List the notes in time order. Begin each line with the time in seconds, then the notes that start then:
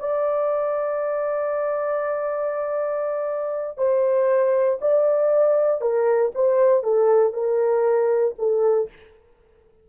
0.00 D5
3.78 C5
4.82 D5
5.82 A#4
6.35 C5
6.84 A4
7.34 A#4
8.39 A4